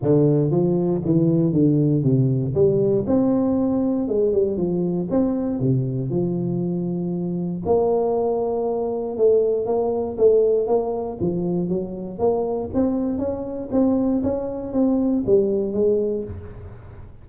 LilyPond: \new Staff \with { instrumentName = "tuba" } { \time 4/4 \tempo 4 = 118 d4 f4 e4 d4 | c4 g4 c'2 | gis8 g8 f4 c'4 c4 | f2. ais4~ |
ais2 a4 ais4 | a4 ais4 f4 fis4 | ais4 c'4 cis'4 c'4 | cis'4 c'4 g4 gis4 | }